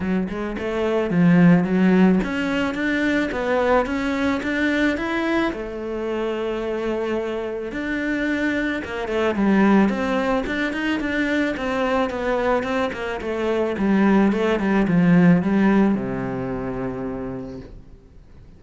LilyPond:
\new Staff \with { instrumentName = "cello" } { \time 4/4 \tempo 4 = 109 fis8 gis8 a4 f4 fis4 | cis'4 d'4 b4 cis'4 | d'4 e'4 a2~ | a2 d'2 |
ais8 a8 g4 c'4 d'8 dis'8 | d'4 c'4 b4 c'8 ais8 | a4 g4 a8 g8 f4 | g4 c2. | }